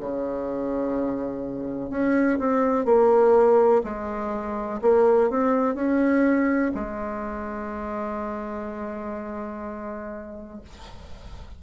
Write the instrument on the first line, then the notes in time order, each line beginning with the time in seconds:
bassoon
0.00 C#3
1.90 C#4
2.39 C4
2.85 A#3
3.84 G#3
4.82 A#3
5.30 C4
5.75 C#4
6.74 G#3